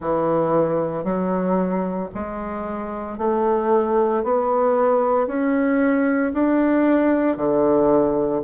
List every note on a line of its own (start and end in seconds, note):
0.00 1.04 E3
1.04 2.09 F#3
2.14 3.18 G#3
3.18 4.23 A3
4.23 5.27 B3
5.27 6.32 C#4
6.33 7.36 D4
7.36 8.42 D3